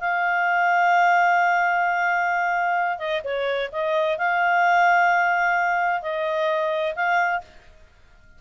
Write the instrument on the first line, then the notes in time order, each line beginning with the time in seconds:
clarinet
0.00 F5
2.99 D#5
3.24 C#5
3.72 D#5
4.18 F5
6.02 D#5
6.95 F5